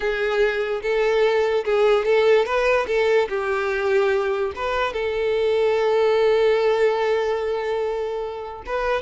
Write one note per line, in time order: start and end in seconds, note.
0.00 0.81 G#4
0.82 1.64 A4
1.64 2.05 G#4
2.05 2.45 A4
2.45 2.86 B4
2.87 3.28 A4
3.29 4.52 G4
4.55 4.93 B4
4.93 8.63 A4
8.66 9.01 B4